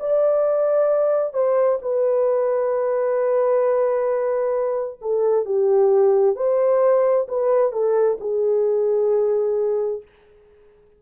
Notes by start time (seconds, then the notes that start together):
0.00 D5
1.33 C5
1.82 B4
5.01 A4
5.45 G4
6.36 C5
7.28 B4
7.72 A4
8.20 G#4